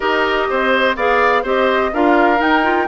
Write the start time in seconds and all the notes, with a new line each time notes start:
0.00 D#4 G4 A#4 D#5
0.50 C4 C5
0.96 B3 G#4 D5 F5
1.42 C4 G4 C5 D#5
1.93 D4 F4 A#4 F5
2.37 D#4 G5
2.62 F4